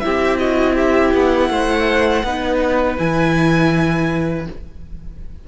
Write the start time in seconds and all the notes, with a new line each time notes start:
0.00 C4 E4 G4 E5
0.39 F#4 D#5
0.75 G4 E5
1.14 B3 F#5
1.50 A3 C5
2.23 B3 D#4 B4
2.98 E3 E4 G#5